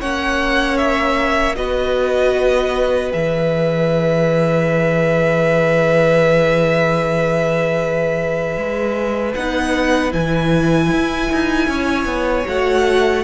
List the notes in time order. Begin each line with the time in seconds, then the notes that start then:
0.00 A#3 C#4 C#5 F#5
0.77 E5
1.56 B3 F#4 B4 D#5
3.11 E3 G#4 E5
8.57 G#3
9.34 B3 D#4 F#5
10.11 E3 E4 G#5
10.92 E4
11.32 D#4
11.67 C#4 C#5
12.05 B3
12.46 A3 F#4 F#5